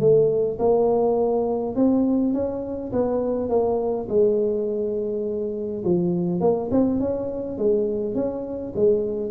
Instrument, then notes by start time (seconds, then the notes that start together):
tuba
0.00 A3
0.59 A#3
1.76 C4
2.34 C#4
2.93 B3
3.50 A#3
4.09 G#3
5.85 F3
6.41 A#3
6.71 C4
7.00 C#4
7.58 G#3
8.15 C#4
8.76 G#3